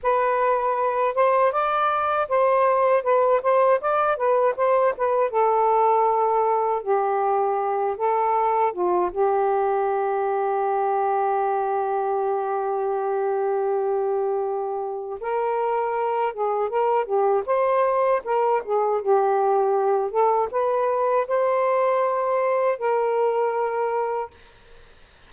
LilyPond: \new Staff \with { instrumentName = "saxophone" } { \time 4/4 \tempo 4 = 79 b'4. c''8 d''4 c''4 | b'8 c''8 d''8 b'8 c''8 b'8 a'4~ | a'4 g'4. a'4 f'8 | g'1~ |
g'1 | ais'4. gis'8 ais'8 g'8 c''4 | ais'8 gis'8 g'4. a'8 b'4 | c''2 ais'2 | }